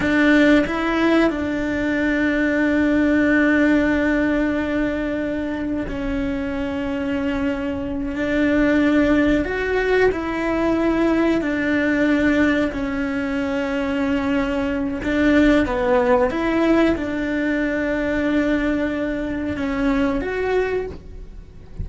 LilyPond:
\new Staff \with { instrumentName = "cello" } { \time 4/4 \tempo 4 = 92 d'4 e'4 d'2~ | d'1~ | d'4 cis'2.~ | cis'8 d'2 fis'4 e'8~ |
e'4. d'2 cis'8~ | cis'2. d'4 | b4 e'4 d'2~ | d'2 cis'4 fis'4 | }